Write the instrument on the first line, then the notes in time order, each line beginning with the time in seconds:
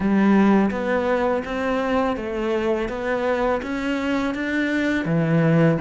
cello
0.00 G3
0.70 B3
1.45 C4
2.16 A3
2.88 B3
3.62 C#4
4.34 D4
5.05 E3